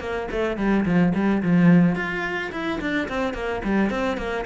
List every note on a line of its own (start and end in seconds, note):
0.00 0.28 A#3
0.32 0.57 A3
0.57 0.85 G3
0.86 1.13 F3
1.15 1.43 G3
1.43 1.95 F3
1.95 2.51 F4
2.52 2.80 E4
2.81 3.09 D4
3.09 3.34 C4
3.34 3.62 A#3
3.64 3.90 G3
3.90 4.17 C4
4.17 4.45 A#3